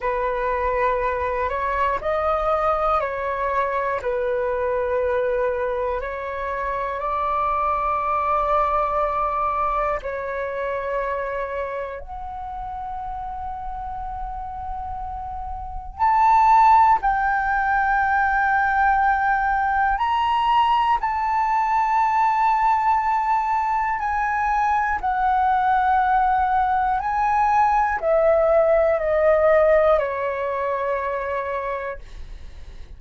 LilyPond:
\new Staff \with { instrumentName = "flute" } { \time 4/4 \tempo 4 = 60 b'4. cis''8 dis''4 cis''4 | b'2 cis''4 d''4~ | d''2 cis''2 | fis''1 |
a''4 g''2. | ais''4 a''2. | gis''4 fis''2 gis''4 | e''4 dis''4 cis''2 | }